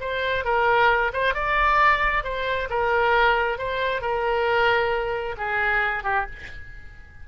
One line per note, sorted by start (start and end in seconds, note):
0.00 0.44 C5
0.44 1.12 A#4
1.13 1.34 C5
1.34 2.24 D5
2.24 2.69 C5
2.69 3.58 A#4
3.58 4.01 C5
4.01 5.35 A#4
5.37 6.03 G#4
6.03 6.26 G4